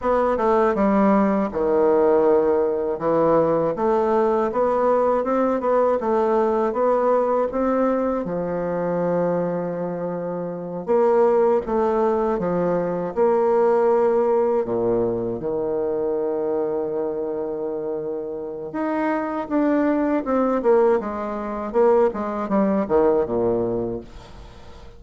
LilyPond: \new Staff \with { instrumentName = "bassoon" } { \time 4/4 \tempo 4 = 80 b8 a8 g4 dis2 | e4 a4 b4 c'8 b8 | a4 b4 c'4 f4~ | f2~ f8 ais4 a8~ |
a8 f4 ais2 ais,8~ | ais,8 dis2.~ dis8~ | dis4 dis'4 d'4 c'8 ais8 | gis4 ais8 gis8 g8 dis8 ais,4 | }